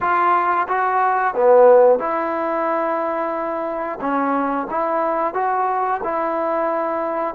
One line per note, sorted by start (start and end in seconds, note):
0.00 0.67 F4
0.68 1.34 F#4
1.34 1.99 B3
1.99 3.99 E4
4.00 4.67 C#4
4.70 5.34 E4
5.34 6.00 F#4
6.03 7.34 E4